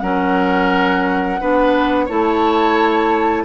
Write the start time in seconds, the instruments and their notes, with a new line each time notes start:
0.00 bassoon F#3, clarinet C#4, oboe A#4, flute F#5
1.41 bassoon B3, clarinet D4, oboe B4
2.06 bassoon A3, clarinet E4, oboe C#5, flute A5